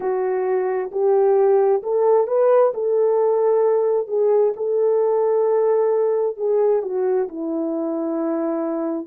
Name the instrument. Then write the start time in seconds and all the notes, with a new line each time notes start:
horn
0.00 F#4
0.91 G4
1.83 A4
2.27 B4
2.74 A4
4.07 G#4
4.56 A4
6.36 G#4
6.82 F#4
7.28 E4